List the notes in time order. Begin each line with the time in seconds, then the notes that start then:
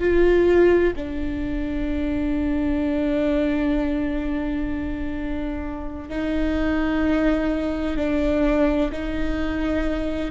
0.00 F4
0.96 D4
6.09 D#4
7.97 D4
8.92 D#4